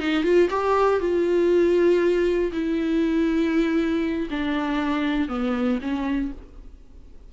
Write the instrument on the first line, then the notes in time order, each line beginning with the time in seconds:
viola
0.00 D#4
0.23 F4
0.50 G4
1.00 F4
2.52 E4
4.30 D4
5.29 B3
5.81 C#4